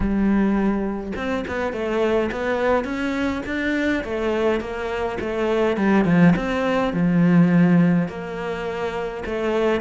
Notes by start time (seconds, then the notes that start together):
0.00 G3
1.16 C4
1.47 B3
1.72 A3
2.31 B3
2.84 C#4
3.46 D4
4.04 A3
4.60 A#3
5.20 A3
5.76 G3
6.04 F3
6.35 C4
6.93 F3
8.08 A#3
9.25 A3